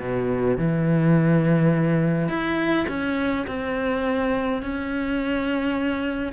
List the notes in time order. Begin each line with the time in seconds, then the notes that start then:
0.00 B2
0.57 E3
2.29 E4
2.88 C#4
3.47 C4
4.62 C#4